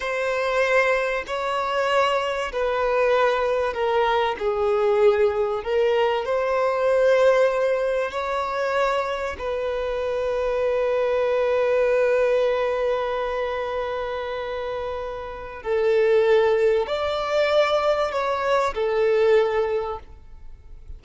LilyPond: \new Staff \with { instrumentName = "violin" } { \time 4/4 \tempo 4 = 96 c''2 cis''2 | b'2 ais'4 gis'4~ | gis'4 ais'4 c''2~ | c''4 cis''2 b'4~ |
b'1~ | b'1~ | b'4 a'2 d''4~ | d''4 cis''4 a'2 | }